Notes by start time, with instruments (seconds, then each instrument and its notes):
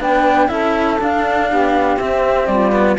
0.00 cello B3 D4, saxophone B4, flute G5
0.48 cello C#4 E4, saxophone A4, flute E5
0.99 cello D4, flute F5
1.50 cello B3, saxophone G4
1.97 cello C4, flute E5
2.47 cello G3, saxophone F4, flute D5
2.73 cello B3